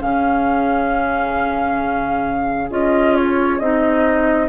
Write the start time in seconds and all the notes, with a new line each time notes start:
0.00 C#3 C#4 G#4 F5
2.70 C#4 F4 D#5
3.16 C#5
3.60 C4 D#4 D#5